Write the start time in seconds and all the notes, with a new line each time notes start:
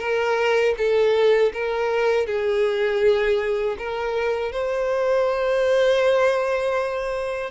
0.00 A#4
0.78 A4
1.53 A#4
2.27 G#4
3.78 A#4
4.52 C5